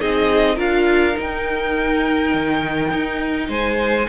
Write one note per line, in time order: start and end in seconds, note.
0.00 0.58 C4
0.00 0.57 D#4
0.00 0.55 G#4
0.00 0.59 D#5
0.55 1.16 D4
0.55 1.15 F4
0.55 3.47 A#4
0.55 1.18 F5
1.15 4.06 D#4
1.15 2.34 D#4
1.15 3.51 G5
2.34 2.92 D#3
2.94 3.49 D#4
3.49 4.07 G#3
3.49 4.08 C5
3.49 4.09 G#5